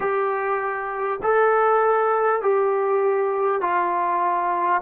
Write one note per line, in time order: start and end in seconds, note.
0.00 1.20 G4
1.23 2.42 A4
2.42 3.61 G4
3.61 4.81 F4